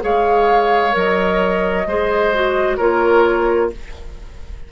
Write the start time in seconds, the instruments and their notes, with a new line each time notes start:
0.00 bassoon G#3, clarinet G#4, oboe C#5, flute F5
0.91 bassoon F#3, clarinet A#4, flute D#5
1.86 bassoon G#3, clarinet G#4, oboe C5
2.33 clarinet F#4
2.77 bassoon A#3, clarinet F4, oboe A#4, flute C#5